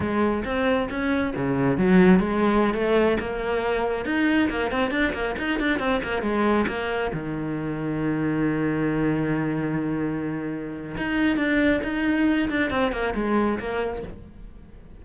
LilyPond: \new Staff \with { instrumentName = "cello" } { \time 4/4 \tempo 4 = 137 gis4 c'4 cis'4 cis4 | fis4 gis4~ gis16 a4 ais8.~ | ais4~ ais16 dis'4 ais8 c'8 d'8 ais16~ | ais16 dis'8 d'8 c'8 ais8 gis4 ais8.~ |
ais16 dis2.~ dis8.~ | dis1~ | dis4 dis'4 d'4 dis'4~ | dis'8 d'8 c'8 ais8 gis4 ais4 | }